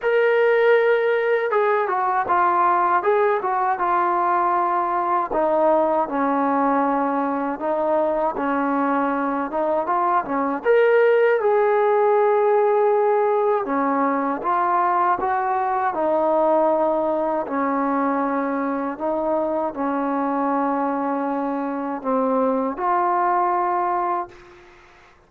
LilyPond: \new Staff \with { instrumentName = "trombone" } { \time 4/4 \tempo 4 = 79 ais'2 gis'8 fis'8 f'4 | gis'8 fis'8 f'2 dis'4 | cis'2 dis'4 cis'4~ | cis'8 dis'8 f'8 cis'8 ais'4 gis'4~ |
gis'2 cis'4 f'4 | fis'4 dis'2 cis'4~ | cis'4 dis'4 cis'2~ | cis'4 c'4 f'2 | }